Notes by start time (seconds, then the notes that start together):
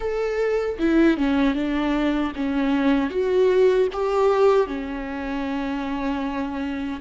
0.00 A4
0.78 E4
1.17 C#4
1.54 D4
2.35 C#4
3.10 F#4
3.92 G4
4.66 C#4